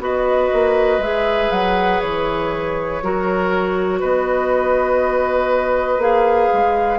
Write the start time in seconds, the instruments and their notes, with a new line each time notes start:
0.00 bassoon B3, clarinet F#4, oboe B4, flute D#5
0.53 bassoon A#3
0.99 bassoon G#3, clarinet G#4, flute E5
1.51 bassoon F#3, flute F#5
2.00 bassoon E3, flute C#5
3.02 bassoon F#3, clarinet F#4, oboe A#4
4.00 bassoon B3, oboe B4, flute D#5
5.98 bassoon A#3, clarinet G#4, flute F5
6.53 bassoon G#3